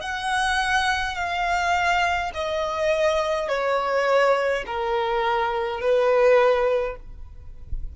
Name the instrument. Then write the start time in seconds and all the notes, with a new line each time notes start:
violin
0.00 F#5
1.15 F5
2.33 D#5
3.48 C#5
4.66 A#4
5.80 B4